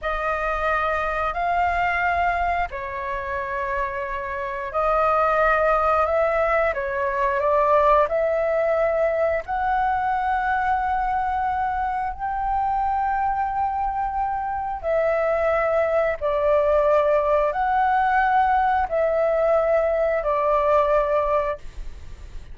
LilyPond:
\new Staff \with { instrumentName = "flute" } { \time 4/4 \tempo 4 = 89 dis''2 f''2 | cis''2. dis''4~ | dis''4 e''4 cis''4 d''4 | e''2 fis''2~ |
fis''2 g''2~ | g''2 e''2 | d''2 fis''2 | e''2 d''2 | }